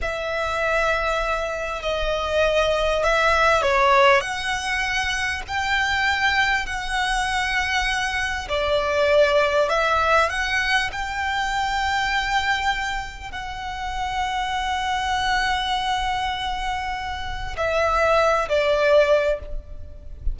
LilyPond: \new Staff \with { instrumentName = "violin" } { \time 4/4 \tempo 4 = 99 e''2. dis''4~ | dis''4 e''4 cis''4 fis''4~ | fis''4 g''2 fis''4~ | fis''2 d''2 |
e''4 fis''4 g''2~ | g''2 fis''2~ | fis''1~ | fis''4 e''4. d''4. | }